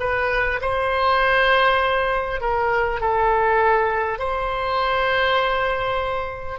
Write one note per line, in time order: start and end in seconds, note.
0.00 0.60 B4
0.61 2.40 C5
2.40 3.00 A#4
3.00 4.18 A4
4.18 6.58 C5